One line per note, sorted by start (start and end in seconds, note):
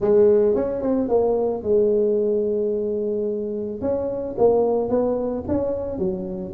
0.00 0.55 G#3
0.55 0.81 C#4
0.81 1.08 C4
1.08 1.62 A#3
1.62 3.81 G#3
3.81 4.35 C#4
4.38 4.89 A#3
4.89 5.43 B3
5.48 5.98 C#4
5.98 6.53 F#3